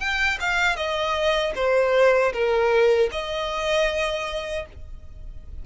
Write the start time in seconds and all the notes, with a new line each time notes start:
0.00 G5
0.40 F5
0.77 D#5
1.56 C5
2.33 A#4
3.12 D#5